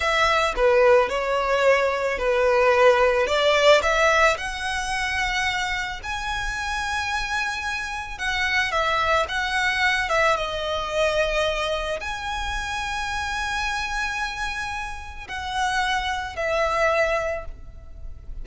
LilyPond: \new Staff \with { instrumentName = "violin" } { \time 4/4 \tempo 4 = 110 e''4 b'4 cis''2 | b'2 d''4 e''4 | fis''2. gis''4~ | gis''2. fis''4 |
e''4 fis''4. e''8 dis''4~ | dis''2 gis''2~ | gis''1 | fis''2 e''2 | }